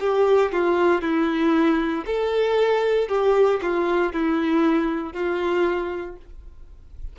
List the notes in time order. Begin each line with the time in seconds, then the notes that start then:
0.00 G4
0.52 F4
1.02 E4
2.06 A4
3.08 G4
3.62 F4
4.13 E4
5.13 F4